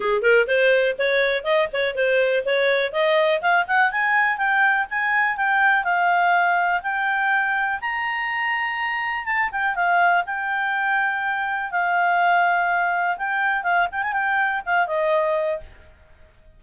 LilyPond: \new Staff \with { instrumentName = "clarinet" } { \time 4/4 \tempo 4 = 123 gis'8 ais'8 c''4 cis''4 dis''8 cis''8 | c''4 cis''4 dis''4 f''8 fis''8 | gis''4 g''4 gis''4 g''4 | f''2 g''2 |
ais''2. a''8 g''8 | f''4 g''2. | f''2. g''4 | f''8 g''16 gis''16 g''4 f''8 dis''4. | }